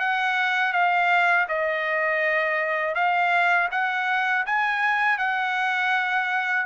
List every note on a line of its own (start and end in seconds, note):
0.00 0.73 F#5
0.73 1.47 F5
1.49 2.95 D#5
2.95 3.69 F5
3.72 4.46 F#5
4.46 5.19 G#5
5.19 6.66 F#5